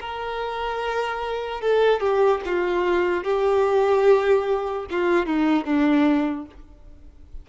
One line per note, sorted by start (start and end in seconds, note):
0.00 1.61 A#4
1.61 2.00 A4
2.00 2.41 G4
2.45 3.24 F4
3.24 4.86 G4
4.91 5.26 F4
5.26 5.65 D#4
5.65 6.46 D4